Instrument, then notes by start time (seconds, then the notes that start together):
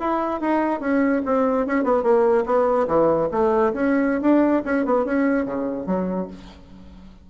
bassoon
0.00 E4
0.41 D#4
0.80 C#4
1.25 C4
1.66 C#4
1.84 B3
2.03 A#3
2.46 B3
2.88 E3
3.31 A3
3.73 C#4
4.21 D4
4.65 C#4
4.85 B3
5.05 C#4
5.45 C#3
5.86 F#3